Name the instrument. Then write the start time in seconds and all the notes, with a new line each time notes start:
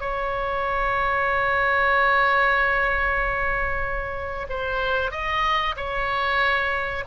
oboe
0.00 C#5
4.49 C5
5.11 D#5
5.76 C#5